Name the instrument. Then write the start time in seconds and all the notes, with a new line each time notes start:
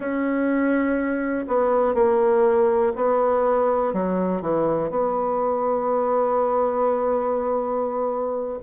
bassoon
0.00 C#4
1.47 B3
1.94 A#3
2.95 B3
3.93 F#3
4.41 E3
4.90 B3